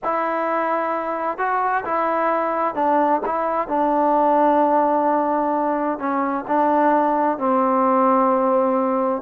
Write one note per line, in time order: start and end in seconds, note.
0.03 1.37 E4
1.37 1.84 F#4
1.84 2.75 E4
2.75 3.21 D4
3.25 3.68 E4
3.68 5.98 D4
5.98 6.44 C#4
6.47 7.38 D4
7.38 9.22 C4